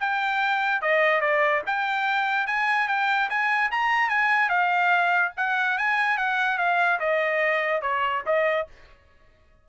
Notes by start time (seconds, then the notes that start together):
0.00 G5
0.82 D#5
1.21 D5
1.67 G5
2.47 G#5
2.88 G5
3.30 G#5
3.71 A#5
4.09 G#5
4.50 F5
5.37 F#5
5.78 G#5
6.18 F#5
6.58 F5
7.00 D#5
7.82 C#5
8.26 D#5